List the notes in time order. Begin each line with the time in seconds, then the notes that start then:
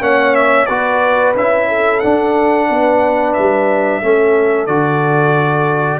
0.00 A#3 C#4 C#5 F#5
0.35 E5
0.66 B3 F#4 B4 D5
1.36 C#4 E4 E5
1.68 A4
1.99 D4 F#5
2.69 B3 B4
3.33 G3 E5
4.01 A3 C#4 A4
4.66 D3 F#4 D5